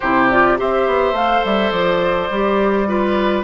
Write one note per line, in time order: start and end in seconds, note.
0.00 0.59 C3
0.00 0.31 E4
0.00 0.57 G4
0.00 0.28 C5
0.30 0.57 F4
0.30 0.59 D5
0.57 0.87 C4
0.57 1.14 G4
0.57 2.88 C5
0.57 1.16 E5
0.87 1.12 B3
1.12 1.41 A3
1.12 2.30 A4
1.12 1.45 F5
1.44 1.71 G3
1.44 1.71 E5
1.71 2.29 F3
1.71 3.44 D5
2.29 3.44 G3
2.29 2.87 G4
2.87 3.44 F4
2.87 3.44 B4